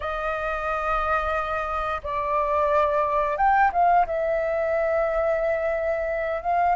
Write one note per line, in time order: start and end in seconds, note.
0.00 2.01 D#5
2.03 3.37 D5
3.37 3.70 G5
3.72 4.06 F5
4.06 6.42 E5
6.42 6.75 F5